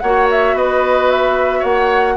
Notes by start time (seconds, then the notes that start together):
0.00 A#3 F#4 C#5 F#5
0.31 E5
0.54 B3 B4 D#5
1.10 E5
1.59 A#3 C#5 F#5